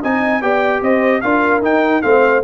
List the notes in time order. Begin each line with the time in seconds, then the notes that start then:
0.00 C4 D#4 D#5 G#5
0.42 B3 G4 D5 G5
0.82 C4 C5 D#5
1.21 D4 F4 A#4 F5
1.62 D#4 G5
2.02 A3 C4 C5 F5